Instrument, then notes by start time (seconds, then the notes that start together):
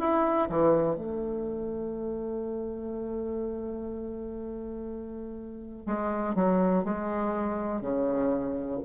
bassoon
0.00 E4
0.50 E3
0.96 A3
5.86 G#3
6.35 F#3
6.85 G#3
7.82 C#3